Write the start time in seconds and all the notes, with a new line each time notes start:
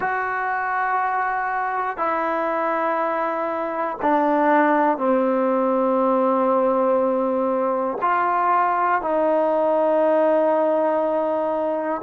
0.00 F#4
1.97 E4
4.02 D4
4.97 C4
8.01 F4
9.01 D#4